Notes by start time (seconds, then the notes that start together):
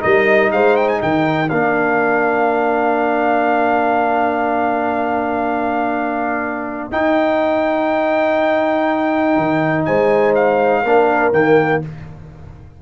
0.00 G3 D#4 A#4 D#5
0.51 G#3 C5 F5
0.76 G5
0.88 G#5
1.00 D#3 A#4 G5
1.49 A#3 D4 F5
6.91 D#4 G5
9.37 D#3
9.85 G#3 C5 G#5
10.35 F5
10.83 A#3 D4 A#4
11.32 D#3 A#3 G5